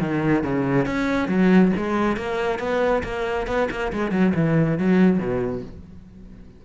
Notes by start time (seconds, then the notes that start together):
0.00 D#3
0.44 C#3
0.86 C#4
1.29 F#3
1.77 G#3
2.17 A#3
2.59 B3
3.04 A#3
3.47 B3
3.71 A#3
3.93 G#3
4.12 F#3
4.35 E3
4.78 F#3
5.19 B2